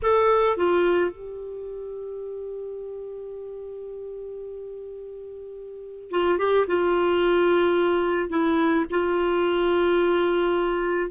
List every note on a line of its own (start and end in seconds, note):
0.02 0.56 A4
0.56 1.10 F4
1.10 6.10 G4
6.10 6.38 F4
6.38 6.66 G4
6.67 8.29 F4
8.29 8.85 E4
8.90 11.10 F4